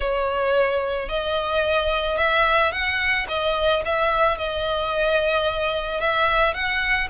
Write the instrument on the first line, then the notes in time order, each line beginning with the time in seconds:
violin
0.00 C#5
1.08 D#5
2.17 E5
2.71 F#5
3.28 D#5
3.85 E5
4.37 D#5
6.00 E5
6.54 F#5